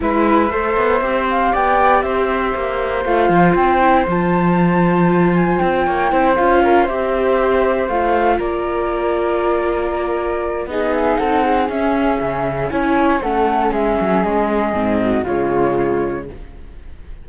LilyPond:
<<
  \new Staff \with { instrumentName = "flute" } { \time 4/4 \tempo 4 = 118 e''2~ e''8 f''8 g''4 | e''2 f''4 g''4 | a''2~ a''8 gis''8 g''4~ | g''8 f''4 e''2 f''8~ |
f''8 d''2.~ d''8~ | d''4 dis''8 e''8 fis''4 e''4~ | e''4 gis''4 fis''4 e''4 | dis''2 cis''2 | }
  \new Staff \with { instrumentName = "flute" } { \time 4/4 b'4 c''2 d''4 | c''1~ | c''2.~ c''8 cis''8 | c''4 ais'8 c''2~ c''8~ |
c''8 ais'2.~ ais'8~ | ais'4 gis'4 a'8 gis'4.~ | gis'4 cis''4 a'4 gis'4~ | gis'4. fis'8 f'2 | }
  \new Staff \with { instrumentName = "viola" } { \time 4/4 e'4 a'4 g'2~ | g'2 f'4. e'8 | f'1 | e'8 f'4 g'2 f'8~ |
f'1~ | f'4 dis'2 cis'4~ | cis'4 e'4 cis'2~ | cis'4 c'4 gis2 | }
  \new Staff \with { instrumentName = "cello" } { \time 4/4 gis4 a8 b8 c'4 b4 | c'4 ais4 a8 f8 c'4 | f2. c'8 ais8 | c'8 cis'4 c'2 a8~ |
a8 ais2.~ ais8~ | ais4 b4 c'4 cis'4 | cis4 cis'4 a4 gis8 fis8 | gis4 gis,4 cis2 | }
>>